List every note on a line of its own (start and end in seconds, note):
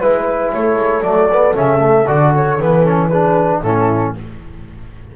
0.00 0.52 G#3
0.00 1.03 E4
0.00 0.52 B4
0.00 0.53 B4
0.53 0.76 A3
0.53 3.09 A4
0.53 1.02 C#5
0.76 1.01 G#3
1.02 1.54 F#3
1.02 1.29 A3
1.02 1.54 D5
1.32 1.55 B3
1.55 2.08 C#3
1.55 1.79 C#4
1.55 2.08 E5
1.79 2.05 A3
2.07 2.60 D3
2.07 2.59 F#4
2.07 2.34 D5
2.36 2.61 C#5
2.60 3.62 E3
2.60 2.85 B3
2.60 2.85 B4
2.85 3.11 C#4
2.85 3.08 A4
3.08 3.64 D4
3.08 3.61 G#4
3.08 3.60 B4
3.62 4.14 A2
3.62 4.16 C#4
3.62 4.15 E4
3.62 4.15 A4